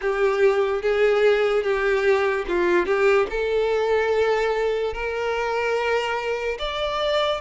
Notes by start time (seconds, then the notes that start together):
0.01 G4
0.82 G#4
1.63 G4
2.48 F4
2.85 G4
3.30 A4
4.93 A#4
6.58 D5